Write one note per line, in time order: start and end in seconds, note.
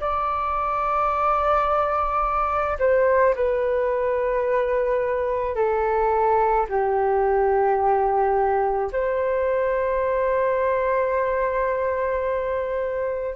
0.00 2.78 D5
2.79 3.34 C5
3.35 5.55 B4
5.55 6.66 A4
6.69 8.91 G4
8.92 13.35 C5